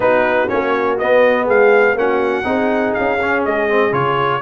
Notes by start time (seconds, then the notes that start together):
0.00 B3 D#4 F#4 B4
0.48 A#3 C#4 C#5
0.98 B3 D#5
1.44 G#3 G#4 F5
1.93 A#3 C#4 F#5
2.00 F#4
2.44 C4 D#4 G#4
2.93 C#4 F5
3.21 C#4
3.45 G#3 D#5
3.69 C4
3.91 C#3 F4 C#5